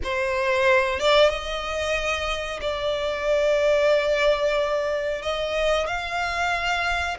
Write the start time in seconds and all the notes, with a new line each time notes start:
0.03 C5
0.99 D5
1.29 D#5
2.61 D5
5.21 D#5
5.86 F5